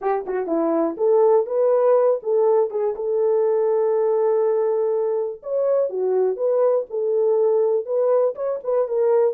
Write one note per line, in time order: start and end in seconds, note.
0.01 0.25 G4
0.26 0.46 F#4
0.46 0.96 E4
0.97 1.46 A4
1.46 2.20 B4
2.22 2.70 A4
2.70 2.94 G#4
2.95 5.41 A4
5.42 5.89 C#5
5.89 6.36 F#4
6.36 6.85 B4
6.90 7.85 A4
7.85 8.35 B4
8.35 8.59 C#5
8.63 8.88 B4
8.88 9.34 A#4